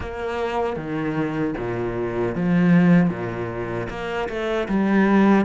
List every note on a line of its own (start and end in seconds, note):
0.00 0.76 A#3
0.76 1.54 D#3
1.57 2.35 A#2
2.35 3.09 F3
3.09 3.87 A#2
3.89 4.28 A#3
4.28 4.67 A3
4.68 5.45 G3